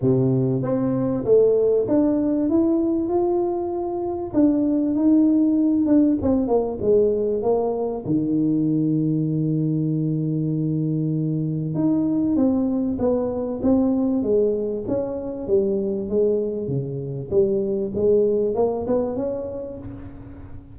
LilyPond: \new Staff \with { instrumentName = "tuba" } { \time 4/4 \tempo 4 = 97 c4 c'4 a4 d'4 | e'4 f'2 d'4 | dis'4. d'8 c'8 ais8 gis4 | ais4 dis2.~ |
dis2. dis'4 | c'4 b4 c'4 gis4 | cis'4 g4 gis4 cis4 | g4 gis4 ais8 b8 cis'4 | }